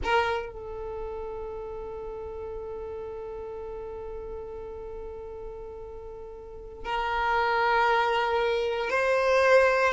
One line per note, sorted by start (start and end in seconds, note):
0.03 0.53 A#4
0.53 6.84 A4
6.84 8.90 A#4
8.90 9.93 C5